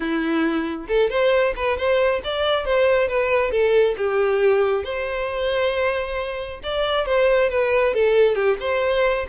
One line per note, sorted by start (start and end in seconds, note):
0.00 0.86 E4
0.87 1.09 A4
1.10 1.54 C5
1.56 1.77 B4
1.77 2.21 C5
2.24 2.65 D5
2.65 3.07 C5
3.07 3.51 B4
3.51 3.95 A4
3.97 4.83 G4
4.83 6.60 C5
6.63 7.06 D5
7.06 7.49 C5
7.49 7.94 B4
7.94 8.35 A4
8.35 8.57 G4
8.60 9.26 C5